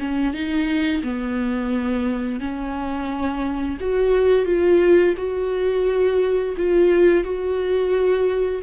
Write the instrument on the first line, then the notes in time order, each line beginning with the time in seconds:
viola
0.00 C#4
0.34 D#4
1.03 B3
2.40 C#4
3.81 F#4
4.46 F4
5.18 F#4
6.58 F4
7.24 F#4